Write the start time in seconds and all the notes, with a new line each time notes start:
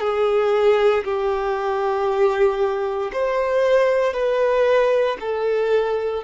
0.00 G#4
1.04 G4
3.12 C5
4.13 B4
5.20 A4